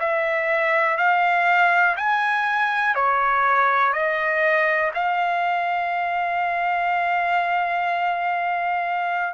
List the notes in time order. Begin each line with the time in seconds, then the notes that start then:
0.00 E5
0.97 F5
1.97 G#5
2.95 C#5
3.93 D#5
4.94 F5